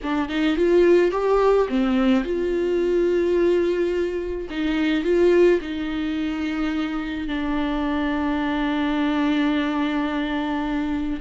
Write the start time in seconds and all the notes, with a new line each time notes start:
0.02 D4
0.28 D#4
0.56 F4
1.11 G4
1.68 C4
2.24 F4
4.49 D#4
5.04 F4
5.61 D#4
7.27 D4